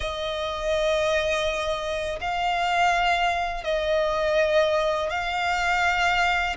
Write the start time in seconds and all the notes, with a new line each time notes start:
0.00 D#5
2.21 F5
3.64 D#5
5.10 F5